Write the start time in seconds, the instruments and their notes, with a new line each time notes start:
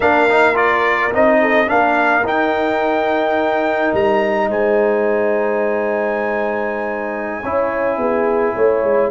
0.00 tuba A#3, trombone D4, horn A#4, trumpet F5
0.29 trombone D#4
0.54 trombone F4, trumpet D5
1.12 tuba C4, trombone D#4, trumpet D#5
1.40 horn A4
1.67 tuba A#3, trombone D4, horn A#4, trumpet F5
2.23 tuba D#4, trombone D#4, trumpet G5
3.93 tuba G3, trumpet A#5
4.48 tuba G#3, horn C5, trumpet G#5
7.41 tuba C#4, trombone E4, horn C#5
7.97 tuba B3, horn G#4
8.55 tuba A3, horn C#5
8.83 tuba G#3